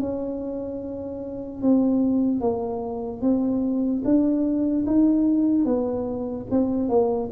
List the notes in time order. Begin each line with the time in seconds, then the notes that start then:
0.00 C#4
1.62 C4
2.41 A#3
3.22 C4
4.05 D4
4.86 D#4
5.65 B3
6.51 C4
6.89 A#3